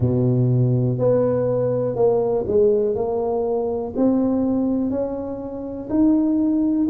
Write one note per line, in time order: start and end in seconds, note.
0.00 0.98 B2
0.98 1.95 B3
1.95 2.45 A#3
2.47 2.95 G#3
2.95 3.93 A#3
3.96 4.90 C4
4.90 5.88 C#4
5.89 6.88 D#4